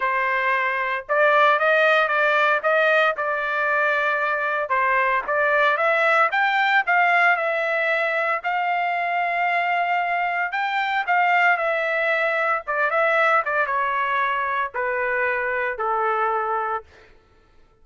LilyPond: \new Staff \with { instrumentName = "trumpet" } { \time 4/4 \tempo 4 = 114 c''2 d''4 dis''4 | d''4 dis''4 d''2~ | d''4 c''4 d''4 e''4 | g''4 f''4 e''2 |
f''1 | g''4 f''4 e''2 | d''8 e''4 d''8 cis''2 | b'2 a'2 | }